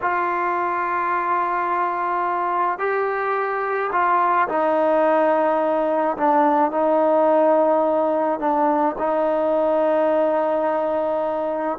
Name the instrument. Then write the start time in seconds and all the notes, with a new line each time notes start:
trombone
0.01 F4
2.78 G4
3.92 F4
4.48 D#4
6.17 D4
6.71 D#4
8.39 D4
8.98 D#4